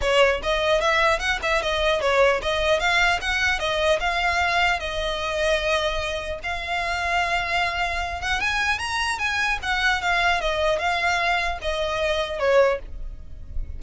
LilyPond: \new Staff \with { instrumentName = "violin" } { \time 4/4 \tempo 4 = 150 cis''4 dis''4 e''4 fis''8 e''8 | dis''4 cis''4 dis''4 f''4 | fis''4 dis''4 f''2 | dis''1 |
f''1~ | f''8 fis''8 gis''4 ais''4 gis''4 | fis''4 f''4 dis''4 f''4~ | f''4 dis''2 cis''4 | }